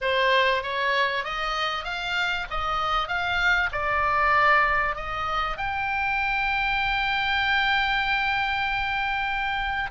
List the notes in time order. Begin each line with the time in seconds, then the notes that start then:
0.01 C5
0.62 C#5
1.24 D#5
1.84 F5
2.50 D#5
3.08 F5
3.71 D5
4.95 D#5
5.57 G5